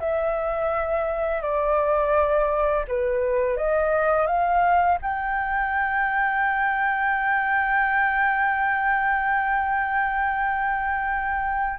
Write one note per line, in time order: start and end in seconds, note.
0.00 1.42 E5
1.42 2.85 D5
2.88 3.57 B4
3.57 4.27 D#5
4.27 4.98 F5
5.02 11.79 G5